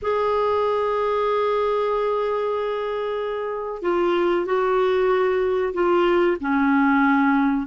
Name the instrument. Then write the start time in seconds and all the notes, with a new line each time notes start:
clarinet
0.02 G#4
3.82 F4
4.45 F#4
5.73 F4
6.40 C#4